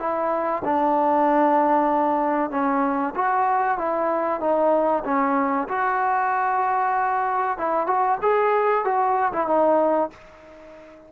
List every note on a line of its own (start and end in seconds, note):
0.00 0.63 E4
0.65 2.51 D4
2.51 3.14 C#4
3.16 3.78 F#4
3.78 4.41 E4
4.41 5.04 D#4
5.05 5.68 C#4
5.69 7.58 F#4
7.58 7.87 E4
7.87 8.18 F#4
8.22 8.85 G#4
8.85 9.32 F#4
9.33 9.48 E4
9.48 10.11 D#4